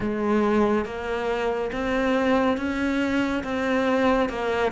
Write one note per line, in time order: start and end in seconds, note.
0.00 0.85 G#3
0.85 1.70 A#3
1.72 2.57 C4
2.57 3.43 C#4
3.43 4.29 C4
4.29 4.71 A#3